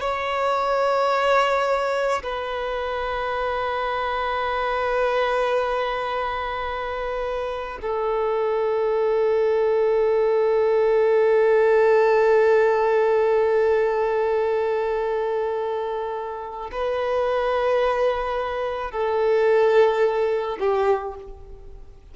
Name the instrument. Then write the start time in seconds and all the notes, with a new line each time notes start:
violin
0.00 C#5
2.23 B4
7.81 A4
16.71 B4
18.91 A4
20.60 G4